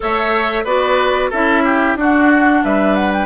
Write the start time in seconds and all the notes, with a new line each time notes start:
0.00 A3 A4 C#5 E5
0.64 B3 F#4 B4 D5
1.30 C#4 E4 A4 E5
1.64 G4
1.95 D4 F#4 F#5
2.64 G3 B4 E5
2.95 F#5
3.12 G5